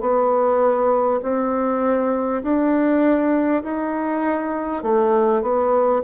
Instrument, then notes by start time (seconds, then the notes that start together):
bassoon
0.00 B3
1.22 C4
2.42 D4
3.63 D#4
4.83 A3
5.42 B3